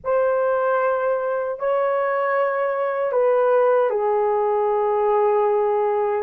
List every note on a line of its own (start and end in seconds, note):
0.04 1.59 C5
1.59 3.12 C#5
3.12 3.90 B4
3.90 6.22 G#4